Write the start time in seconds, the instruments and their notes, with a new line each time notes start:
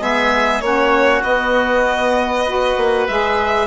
0.00 bassoon G#3, saxophone B3, oboe G#4, violin E5
0.61 bassoon A#3, saxophone C#4, oboe F#4, violin C#5
1.23 bassoon B3, saxophone B3, violin D#5
2.45 saxophone F#4, oboe B4
2.77 bassoon A#3
3.07 bassoon G#3, saxophone G#4, violin E5